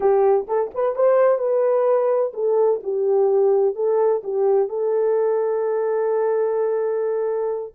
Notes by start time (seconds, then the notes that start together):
0.00 G4
0.47 A4
0.74 B4
0.95 C5
1.38 B4
2.33 A4
2.83 G4
3.75 A4
4.23 G4
4.69 A4